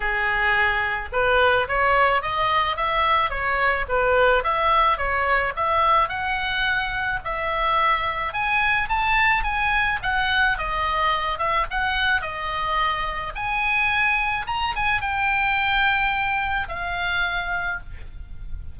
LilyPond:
\new Staff \with { instrumentName = "oboe" } { \time 4/4 \tempo 4 = 108 gis'2 b'4 cis''4 | dis''4 e''4 cis''4 b'4 | e''4 cis''4 e''4 fis''4~ | fis''4 e''2 gis''4 |
a''4 gis''4 fis''4 dis''4~ | dis''8 e''8 fis''4 dis''2 | gis''2 ais''8 gis''8 g''4~ | g''2 f''2 | }